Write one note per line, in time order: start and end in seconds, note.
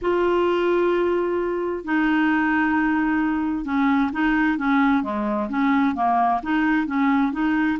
0.01 1.84 F4
1.84 3.64 D#4
3.64 4.10 C#4
4.12 4.58 D#4
4.58 5.03 C#4
5.03 5.49 G#3
5.49 5.95 C#4
5.95 6.41 A#3
6.42 6.87 D#4
6.87 7.32 C#4
7.32 7.78 D#4